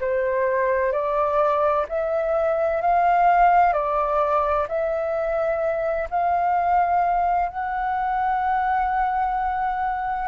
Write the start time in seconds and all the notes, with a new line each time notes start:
0.00 C5
0.92 D5
1.88 E5
2.81 F5
3.73 D5
4.67 E5
6.10 F5
7.49 F#5